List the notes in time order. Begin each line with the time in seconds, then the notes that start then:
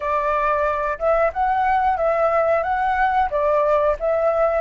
0.00 D5
0.98 E5
1.33 F#5
1.97 E5
2.63 F#5
3.30 D5
3.99 E5